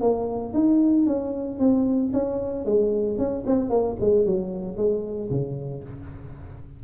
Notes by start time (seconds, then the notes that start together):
0.00 A#3
0.53 D#4
1.06 C#4
1.59 C4
2.13 C#4
2.65 G#3
3.18 C#4
3.46 C4
3.69 A#3
4.00 G#3
4.25 F#3
4.76 G#3
5.30 C#3